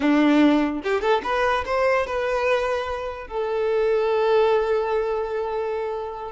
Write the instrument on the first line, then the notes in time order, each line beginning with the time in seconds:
violin
0.00 D4
0.83 G4
1.01 A4
1.23 B4
1.65 C5
2.06 B4
3.27 A4